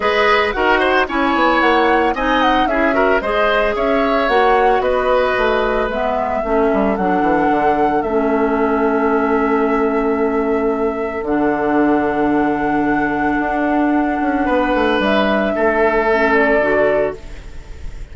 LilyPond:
<<
  \new Staff \with { instrumentName = "flute" } { \time 4/4 \tempo 4 = 112 dis''4 fis''4 gis''4 fis''4 | gis''8 fis''8 e''4 dis''4 e''4 | fis''4 dis''2 e''4~ | e''4 fis''2 e''4~ |
e''1~ | e''4 fis''2.~ | fis''1 | e''2~ e''8 d''4. | }
  \new Staff \with { instrumentName = "oboe" } { \time 4/4 b'4 ais'8 c''8 cis''2 | dis''4 gis'8 ais'8 c''4 cis''4~ | cis''4 b'2. | a'1~ |
a'1~ | a'1~ | a'2. b'4~ | b'4 a'2. | }
  \new Staff \with { instrumentName = "clarinet" } { \time 4/4 gis'4 fis'4 e'2 | dis'4 e'8 fis'8 gis'2 | fis'2. b4 | cis'4 d'2 cis'4~ |
cis'1~ | cis'4 d'2.~ | d'1~ | d'2 cis'4 fis'4 | }
  \new Staff \with { instrumentName = "bassoon" } { \time 4/4 gis4 dis'4 cis'8 b8 ais4 | c'4 cis'4 gis4 cis'4 | ais4 b4 a4 gis4 | a8 g8 fis8 e8 d4 a4~ |
a1~ | a4 d2.~ | d4 d'4. cis'8 b8 a8 | g4 a2 d4 | }
>>